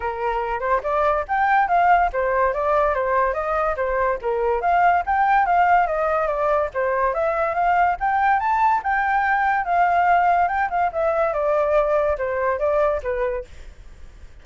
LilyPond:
\new Staff \with { instrumentName = "flute" } { \time 4/4 \tempo 4 = 143 ais'4. c''8 d''4 g''4 | f''4 c''4 d''4 c''4 | dis''4 c''4 ais'4 f''4 | g''4 f''4 dis''4 d''4 |
c''4 e''4 f''4 g''4 | a''4 g''2 f''4~ | f''4 g''8 f''8 e''4 d''4~ | d''4 c''4 d''4 b'4 | }